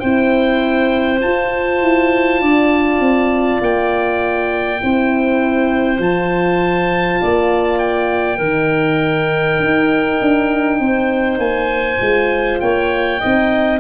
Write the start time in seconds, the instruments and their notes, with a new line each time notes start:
0.00 tuba C4, horn E4, clarinet C5, oboe G5
1.19 horn F4, tuba F4, oboe A5
1.81 tuba E4
2.41 tuba D4, clarinet D5
3.00 tuba C4
3.62 tuba A#3, oboe G5
4.82 tuba C4, horn E4, clarinet C5
5.99 tuba F3, horn F4, oboe A5
7.21 tuba A#3, clarinet D5
7.79 oboe G5
8.37 tuba D#3, horn D#4, clarinet A#4
9.60 tuba D#4
10.21 tuba D4
10.80 tuba C4, clarinet C5
11.39 tuba A#3, oboe G#5
12.01 tuba G#3, horn F4
12.60 tuba A#3, clarinet C#5, oboe G5
13.20 tuba C4, horn D#4, clarinet D#5